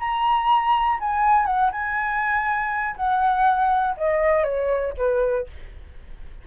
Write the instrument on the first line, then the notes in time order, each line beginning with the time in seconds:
flute
0.00 A#5
1.00 G#5
1.46 F#5
1.72 G#5
2.96 F#5
3.97 D#5
4.44 C#5
4.98 B4